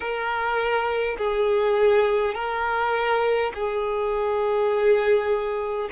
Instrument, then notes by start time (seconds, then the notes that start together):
violin
0.00 A#4
1.18 G#4
2.34 A#4
3.54 G#4